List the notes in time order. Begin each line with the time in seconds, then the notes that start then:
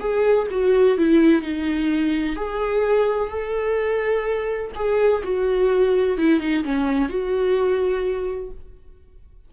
0.00 G#4
0.51 F#4
0.98 E4
1.42 D#4
2.36 G#4
3.29 A4
4.75 G#4
5.24 F#4
6.18 E4
6.40 D#4
6.64 C#4
7.09 F#4